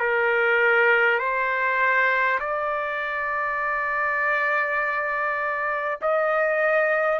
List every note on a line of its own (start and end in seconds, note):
0.00 1.19 A#4
1.19 2.39 C5
2.39 5.99 D5
6.02 7.19 D#5